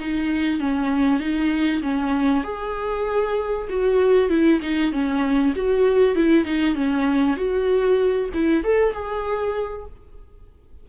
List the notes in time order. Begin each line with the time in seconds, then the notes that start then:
0.00 D#4
0.60 C#4
1.20 D#4
1.83 C#4
2.44 G#4
3.70 F#4
4.30 E4
4.62 D#4
4.92 C#4
5.56 F#4
6.16 E4
6.46 D#4
6.76 C#4
7.37 F#4
8.34 E4
8.64 A4
8.93 G#4